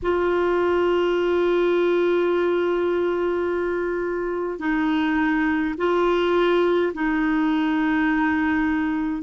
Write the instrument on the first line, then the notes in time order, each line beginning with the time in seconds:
clarinet
0.02 F4
4.59 D#4
5.77 F4
6.94 D#4